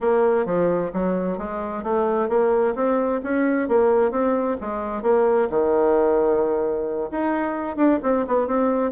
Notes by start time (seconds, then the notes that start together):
0.00 A#3
0.45 F3
0.93 F#3
1.38 G#3
1.83 A3
2.28 A#3
2.75 C4
3.23 C#4
3.68 A#3
4.11 C4
4.60 G#3
5.02 A#3
5.49 D#3
7.11 D#4
7.76 D4
8.03 C4
8.27 B3
8.47 C4